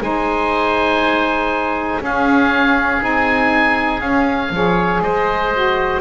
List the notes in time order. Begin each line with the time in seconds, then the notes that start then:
0.00 G#3 D#4 C5 G#5
2.01 C#4 G#4 F5
3.00 C4 D#4 G#5
4.00 C#4 F5
4.50 F3 G#4 C#5
5.01 G#3 C5 D#5
5.53 F#4